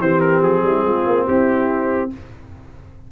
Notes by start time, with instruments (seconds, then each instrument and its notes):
0.00 tuba E3, trombone C4, horn G4, trumpet C5
0.21 trumpet A#4
0.42 tuba F3, trumpet G#4
0.63 tuba G3, horn E4
0.84 tuba G#3, horn F4
1.07 tuba A#3
1.27 tuba C4, horn E4, trumpet G4